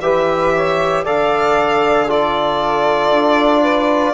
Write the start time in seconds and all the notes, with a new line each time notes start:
0.00 E3 G4 B4 E5
0.55 C#5
1.03 D3 A4 D5 F5
2.08 F4 A4 D5
3.10 D4
3.61 B4